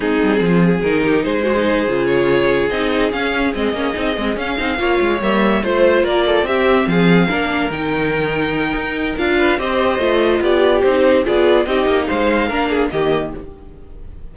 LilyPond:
<<
  \new Staff \with { instrumentName = "violin" } { \time 4/4 \tempo 4 = 144 gis'2 ais'4 c''4~ | c''4 cis''4. dis''4 f''8~ | f''8 dis''2 f''4.~ | f''8 e''4 c''4 d''4 e''8~ |
e''8 f''2 g''4.~ | g''2 f''4 dis''4~ | dis''4 d''4 c''4 d''4 | dis''4 f''2 dis''4 | }
  \new Staff \with { instrumentName = "violin" } { \time 4/4 dis'4 f'8 gis'4 g'8 gis'4~ | gis'1~ | gis'2.~ gis'8 cis''8~ | cis''4. c''4 ais'8 a'8 g'8~ |
g'8 gis'4 ais'2~ ais'8~ | ais'2~ ais'8 b'8 c''4~ | c''4 g'2 gis'4 | g'4 c''4 ais'8 gis'8 g'4 | }
  \new Staff \with { instrumentName = "viola" } { \time 4/4 c'2 dis'4. fis'16 dis'16~ | dis'8 f'2 dis'4 cis'8~ | cis'8 c'8 cis'8 dis'8 c'8 cis'8 dis'8 f'8~ | f'8 ais4 f'2 c'8~ |
c'4. d'4 dis'4.~ | dis'2 f'4 g'4 | f'2 dis'4 f'4 | dis'2 d'4 ais4 | }
  \new Staff \with { instrumentName = "cello" } { \time 4/4 gis8 g8 f4 dis4 gis4~ | gis8 cis2 c'4 cis'8~ | cis'8 gis8 ais8 c'8 gis8 cis'8 c'8 ais8 | gis8 g4 a4 ais4 c'8~ |
c'8 f4 ais4 dis4.~ | dis4 dis'4 d'4 c'4 | a4 b4 c'4 b4 | c'8 ais8 gis4 ais4 dis4 | }
>>